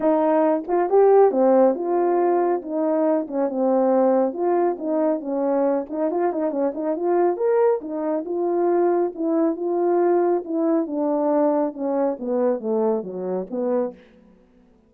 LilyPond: \new Staff \with { instrumentName = "horn" } { \time 4/4 \tempo 4 = 138 dis'4. f'8 g'4 c'4 | f'2 dis'4. cis'8 | c'2 f'4 dis'4 | cis'4. dis'8 f'8 dis'8 cis'8 dis'8 |
f'4 ais'4 dis'4 f'4~ | f'4 e'4 f'2 | e'4 d'2 cis'4 | b4 a4 fis4 b4 | }